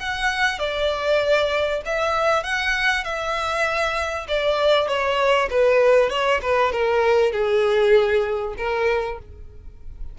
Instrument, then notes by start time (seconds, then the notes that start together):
violin
0.00 F#5
0.60 D5
1.86 E5
2.44 F#5
3.04 E5
4.29 D5
4.88 C#5
5.50 B4
6.10 C#5
6.42 B4
6.72 A#4
7.32 G#4
8.58 A#4